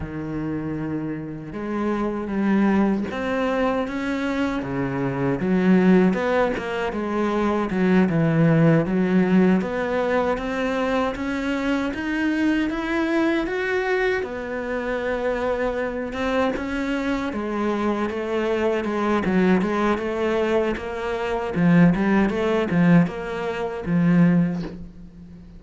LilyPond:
\new Staff \with { instrumentName = "cello" } { \time 4/4 \tempo 4 = 78 dis2 gis4 g4 | c'4 cis'4 cis4 fis4 | b8 ais8 gis4 fis8 e4 fis8~ | fis8 b4 c'4 cis'4 dis'8~ |
dis'8 e'4 fis'4 b4.~ | b4 c'8 cis'4 gis4 a8~ | a8 gis8 fis8 gis8 a4 ais4 | f8 g8 a8 f8 ais4 f4 | }